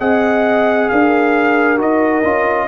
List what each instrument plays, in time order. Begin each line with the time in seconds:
0.00 tuba C4, trombone G#4, horn D#5, trumpet F#5
0.89 tuba D4, horn A#4, trumpet F5
1.77 tuba D#4, trombone F#4, trumpet D#5
2.24 tuba C#4, trombone F4